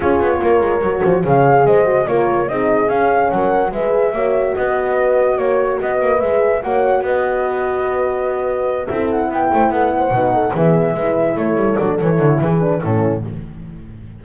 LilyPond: <<
  \new Staff \with { instrumentName = "flute" } { \time 4/4 \tempo 4 = 145 cis''2. f''4 | dis''4 cis''4 dis''4 f''4 | fis''4 e''2 dis''4~ | dis''4 cis''4 dis''4 e''4 |
fis''4 dis''2.~ | dis''4. e''8 fis''8 g''4 fis''8~ | fis''4. e''2 cis''8~ | cis''8 d''8 cis''4 b'4 a'4 | }
  \new Staff \with { instrumentName = "horn" } { \time 4/4 gis'4 ais'4. c''8 cis''4 | c''4 ais'4 gis'2 | ais'4 b'4 cis''4 b'4~ | b'4 cis''4 b'2 |
cis''4 b'2.~ | b'4. a'4 b'8 c''8 a'8 | c''8 b'8 a'8 gis'4 b'4 a'8~ | a'2 gis'4 e'4 | }
  \new Staff \with { instrumentName = "horn" } { \time 4/4 f'2 fis'4 gis'4~ | gis'8 fis'8 f'4 dis'4 cis'4~ | cis'4 gis'4 fis'2~ | fis'2. gis'4 |
fis'1~ | fis'4. e'2~ e'8~ | e'8 dis'4 b4 e'4.~ | e'8 d'8 e'4. d'8 cis'4 | }
  \new Staff \with { instrumentName = "double bass" } { \time 4/4 cis'8 b8 ais8 gis8 fis8 f8 cis4 | gis4 ais4 c'4 cis'4 | fis4 gis4 ais4 b4~ | b4 ais4 b8 ais8 gis4 |
ais4 b2.~ | b4. c'4 b8 a8 b8~ | b8 b,4 e4 gis4 a8 | g8 fis8 e8 d8 e4 a,4 | }
>>